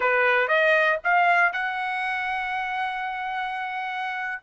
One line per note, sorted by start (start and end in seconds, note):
0.00 0.48 B4
0.48 0.98 D#5
1.04 1.52 F5
1.52 4.42 F#5